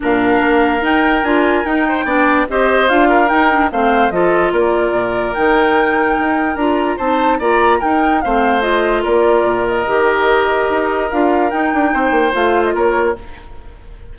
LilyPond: <<
  \new Staff \with { instrumentName = "flute" } { \time 4/4 \tempo 4 = 146 f''2 g''4 gis''4 | g''2 dis''4 f''4 | g''4 f''4 dis''4 d''4~ | d''4 g''2. |
ais''4 a''4 ais''4 g''4 | f''4 dis''4 d''4. dis''8~ | dis''2. f''4 | g''2 f''8. dis''16 cis''4 | }
  \new Staff \with { instrumentName = "oboe" } { \time 4/4 ais'1~ | ais'8 c''8 d''4 c''4. ais'8~ | ais'4 c''4 a'4 ais'4~ | ais'1~ |
ais'4 c''4 d''4 ais'4 | c''2 ais'2~ | ais'1~ | ais'4 c''2 ais'4 | }
  \new Staff \with { instrumentName = "clarinet" } { \time 4/4 d'2 dis'4 f'4 | dis'4 d'4 g'4 f'4 | dis'8 d'8 c'4 f'2~ | f'4 dis'2. |
f'4 dis'4 f'4 dis'4 | c'4 f'2. | g'2. f'4 | dis'2 f'2 | }
  \new Staff \with { instrumentName = "bassoon" } { \time 4/4 ais,4 ais4 dis'4 d'4 | dis'4 b4 c'4 d'4 | dis'4 a4 f4 ais4 | ais,4 dis2 dis'4 |
d'4 c'4 ais4 dis'4 | a2 ais4 ais,4 | dis2 dis'4 d'4 | dis'8 d'8 c'8 ais8 a4 ais4 | }
>>